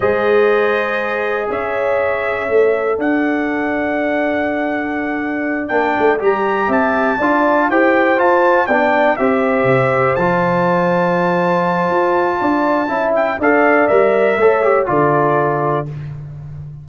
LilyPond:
<<
  \new Staff \with { instrumentName = "trumpet" } { \time 4/4 \tempo 4 = 121 dis''2. e''4~ | e''2 fis''2~ | fis''2.~ fis''8 g''8~ | g''8 ais''4 a''2 g''8~ |
g''8 a''4 g''4 e''4.~ | e''8 a''2.~ a''8~ | a''2~ a''8 g''8 f''4 | e''2 d''2 | }
  \new Staff \with { instrumentName = "horn" } { \time 4/4 c''2. cis''4~ | cis''2 d''2~ | d''1~ | d''4. e''4 d''4 c''8~ |
c''4. d''4 c''4.~ | c''1~ | c''4 d''4 e''4 d''4~ | d''4 cis''4 a'2 | }
  \new Staff \with { instrumentName = "trombone" } { \time 4/4 gis'1~ | gis'4 a'2.~ | a'2.~ a'8 d'8~ | d'8 g'2 f'4 g'8~ |
g'8 f'4 d'4 g'4.~ | g'8 f'2.~ f'8~ | f'2 e'4 a'4 | ais'4 a'8 g'8 f'2 | }
  \new Staff \with { instrumentName = "tuba" } { \time 4/4 gis2. cis'4~ | cis'4 a4 d'2~ | d'2.~ d'8 ais8 | a8 g4 c'4 d'4 e'8~ |
e'8 f'4 b4 c'4 c8~ | c8 f2.~ f8 | f'4 d'4 cis'4 d'4 | g4 a4 d2 | }
>>